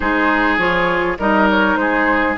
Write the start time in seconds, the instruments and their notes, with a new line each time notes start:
0.00 bassoon G#3, clarinet D#4, oboe G#4, flute C5
0.57 bassoon F3, clarinet F4, flute C#5
1.18 bassoon G3, clarinet D#4, oboe A#4, flute D#5
1.50 flute C#5
1.76 bassoon G#3, oboe G#4, flute C5